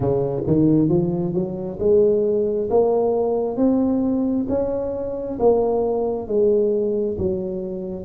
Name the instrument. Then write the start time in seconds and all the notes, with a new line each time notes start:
tuba
0.00 C#3
0.46 D#3
0.88 F3
1.34 F#3
1.79 G#3
2.69 A#3
3.57 C4
4.49 C#4
5.39 A#3
6.27 G#3
7.18 F#3